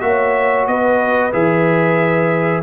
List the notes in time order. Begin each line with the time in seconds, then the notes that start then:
0.00 A#3 F#4 C#5 E5
0.67 B3 B4 D#5
1.32 E3 G#4 E5